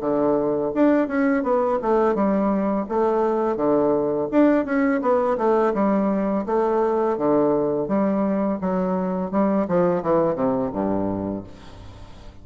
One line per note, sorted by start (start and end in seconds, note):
0.00 0.71 D3
0.74 1.07 D4
1.07 1.43 C#4
1.43 1.79 B3
1.81 2.14 A3
2.14 2.86 G3
2.88 3.56 A3
3.56 4.28 D3
4.31 4.65 D4
4.65 5.01 C#4
5.01 5.37 B3
5.37 5.73 A3
5.74 6.45 G3
6.46 7.17 A3
7.17 7.88 D3
7.88 8.59 G3
8.60 9.31 F#3
9.31 9.67 G3
9.68 10.02 F3
10.02 10.35 E3
10.35 10.70 C3
10.72 11.44 G2